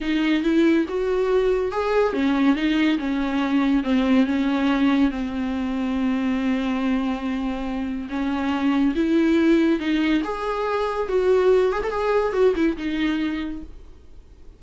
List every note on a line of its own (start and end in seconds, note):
0.00 0.43 D#4
0.43 0.85 E4
0.88 1.71 F#4
1.71 2.13 G#4
2.13 2.55 C#4
2.55 2.98 D#4
2.98 3.83 C#4
3.83 4.26 C4
4.26 5.11 C#4
5.11 8.09 C4
8.09 8.94 C#4
8.95 9.79 E4
9.79 10.22 D#4
10.24 11.08 G#4
11.08 11.72 F#4
11.72 11.82 G#4
11.83 11.90 A4
11.90 12.32 G#4
12.32 12.54 F#4
12.55 12.76 E4
12.77 13.62 D#4